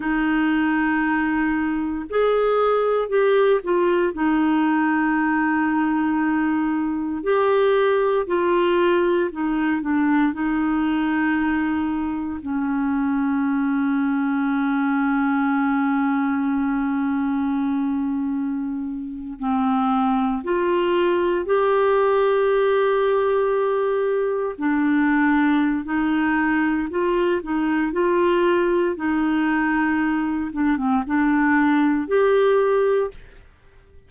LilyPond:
\new Staff \with { instrumentName = "clarinet" } { \time 4/4 \tempo 4 = 58 dis'2 gis'4 g'8 f'8 | dis'2. g'4 | f'4 dis'8 d'8 dis'2 | cis'1~ |
cis'2~ cis'8. c'4 f'16~ | f'8. g'2. d'16~ | d'4 dis'4 f'8 dis'8 f'4 | dis'4. d'16 c'16 d'4 g'4 | }